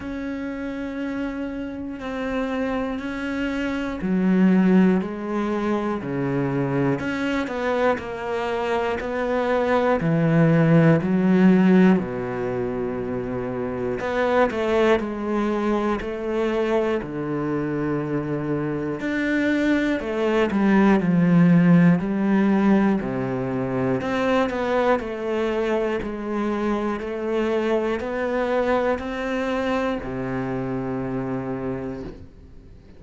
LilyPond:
\new Staff \with { instrumentName = "cello" } { \time 4/4 \tempo 4 = 60 cis'2 c'4 cis'4 | fis4 gis4 cis4 cis'8 b8 | ais4 b4 e4 fis4 | b,2 b8 a8 gis4 |
a4 d2 d'4 | a8 g8 f4 g4 c4 | c'8 b8 a4 gis4 a4 | b4 c'4 c2 | }